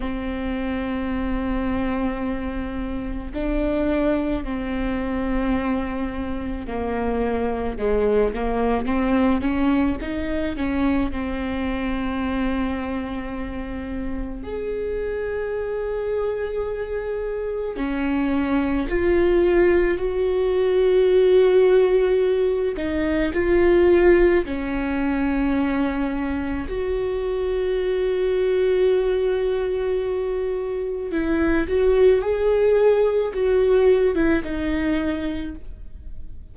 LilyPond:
\new Staff \with { instrumentName = "viola" } { \time 4/4 \tempo 4 = 54 c'2. d'4 | c'2 ais4 gis8 ais8 | c'8 cis'8 dis'8 cis'8 c'2~ | c'4 gis'2. |
cis'4 f'4 fis'2~ | fis'8 dis'8 f'4 cis'2 | fis'1 | e'8 fis'8 gis'4 fis'8. e'16 dis'4 | }